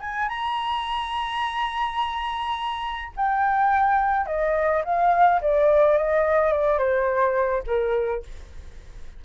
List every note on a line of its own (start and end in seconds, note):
0.00 0.28 G#5
0.29 3.12 A#5
3.16 4.26 G5
4.26 4.83 D#5
4.84 5.41 F5
5.41 5.97 D5
5.97 6.52 D#5
6.52 6.78 D5
6.78 7.63 C5
7.66 8.23 A#4